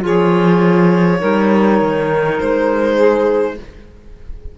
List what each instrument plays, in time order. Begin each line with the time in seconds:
0.00 cello F3, clarinet F4, saxophone G#4
0.06 violin C#5
1.20 cello G3, clarinet D#4, saxophone A#4
1.81 cello D#3
2.40 cello G#3, violin C5
2.96 saxophone G#4